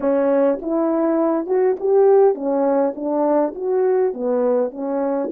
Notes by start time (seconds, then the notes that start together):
0.00 C#4
0.61 E4
1.46 F#4
1.79 G4
2.34 C#4
2.95 D4
3.55 F#4
4.13 B3
4.71 C#4